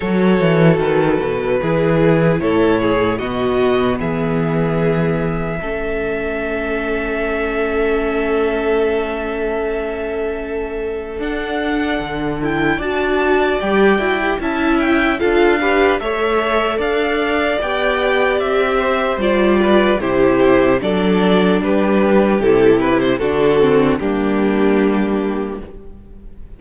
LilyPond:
<<
  \new Staff \with { instrumentName = "violin" } { \time 4/4 \tempo 4 = 75 cis''4 b'2 cis''4 | dis''4 e''2.~ | e''1~ | e''2 fis''4. g''8 |
a''4 g''4 a''8 g''8 f''4 | e''4 f''4 g''4 e''4 | d''4 c''4 d''4 b'4 | a'8 b'16 c''16 a'4 g'2 | }
  \new Staff \with { instrumentName = "violin" } { \time 4/4 a'2 gis'4 a'8 gis'8 | fis'4 gis'2 a'4~ | a'1~ | a'1 |
d''2 e''4 a'8 b'8 | cis''4 d''2~ d''8 c''8~ | c''8 b'8 g'4 a'4 g'4~ | g'4 fis'4 d'2 | }
  \new Staff \with { instrumentName = "viola" } { \time 4/4 fis'2 e'2 | b2. cis'4~ | cis'1~ | cis'2 d'4. e'8 |
fis'4 g'8 fis'16 g'16 e'4 f'8 g'8 | a'2 g'2 | f'4 e'4 d'2 | e'4 d'8 c'8 ais2 | }
  \new Staff \with { instrumentName = "cello" } { \time 4/4 fis8 e8 dis8 b,8 e4 a,4 | b,4 e2 a4~ | a1~ | a2 d'4 d4 |
d'4 g8 e'8 cis'4 d'4 | a4 d'4 b4 c'4 | g4 c4 fis4 g4 | c4 d4 g2 | }
>>